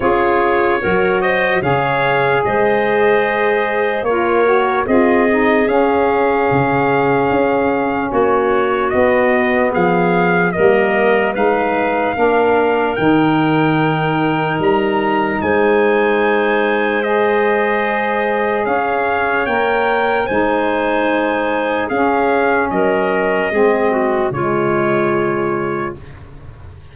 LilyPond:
<<
  \new Staff \with { instrumentName = "trumpet" } { \time 4/4 \tempo 4 = 74 cis''4. dis''8 f''4 dis''4~ | dis''4 cis''4 dis''4 f''4~ | f''2 cis''4 dis''4 | f''4 dis''4 f''2 |
g''2 ais''4 gis''4~ | gis''4 dis''2 f''4 | g''4 gis''2 f''4 | dis''2 cis''2 | }
  \new Staff \with { instrumentName = "clarinet" } { \time 4/4 gis'4 ais'8 c''8 cis''4 c''4~ | c''4 ais'4 gis'2~ | gis'2 fis'2 | gis'4 ais'4 b'4 ais'4~ |
ais'2. c''4~ | c''2. cis''4~ | cis''4 c''2 gis'4 | ais'4 gis'8 fis'8 f'2 | }
  \new Staff \with { instrumentName = "saxophone" } { \time 4/4 f'4 fis'4 gis'2~ | gis'4 f'8 fis'8 f'8 dis'8 cis'4~ | cis'2. b4~ | b4 ais4 dis'4 d'4 |
dis'1~ | dis'4 gis'2. | ais'4 dis'2 cis'4~ | cis'4 c'4 gis2 | }
  \new Staff \with { instrumentName = "tuba" } { \time 4/4 cis'4 fis4 cis4 gis4~ | gis4 ais4 c'4 cis'4 | cis4 cis'4 ais4 b4 | f4 g4 gis4 ais4 |
dis2 g4 gis4~ | gis2. cis'4 | ais4 gis2 cis'4 | fis4 gis4 cis2 | }
>>